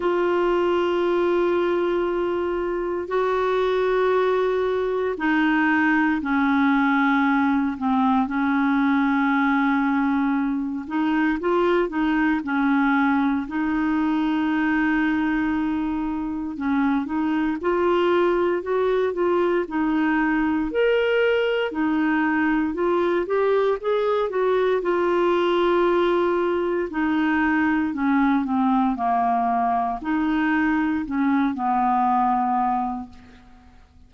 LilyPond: \new Staff \with { instrumentName = "clarinet" } { \time 4/4 \tempo 4 = 58 f'2. fis'4~ | fis'4 dis'4 cis'4. c'8 | cis'2~ cis'8 dis'8 f'8 dis'8 | cis'4 dis'2. |
cis'8 dis'8 f'4 fis'8 f'8 dis'4 | ais'4 dis'4 f'8 g'8 gis'8 fis'8 | f'2 dis'4 cis'8 c'8 | ais4 dis'4 cis'8 b4. | }